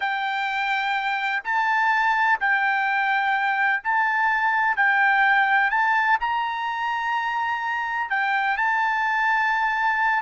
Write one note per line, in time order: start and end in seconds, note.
0.00 1.43 G5
1.44 2.39 A5
2.40 3.82 G5
3.83 4.76 A5
4.76 5.70 G5
5.70 6.18 A5
6.20 8.10 A#5
8.10 8.57 G5
8.57 10.22 A5